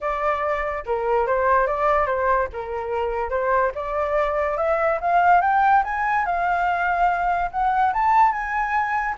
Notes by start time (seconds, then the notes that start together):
0.00 D5
0.86 A#4
1.26 C5
1.66 D5
2.06 C5
2.52 A#4
3.30 C5
3.74 D5
4.57 E5
5.00 F5
5.41 G5
5.84 G#5
6.25 F5
7.51 F#5
7.93 A5
8.31 G#5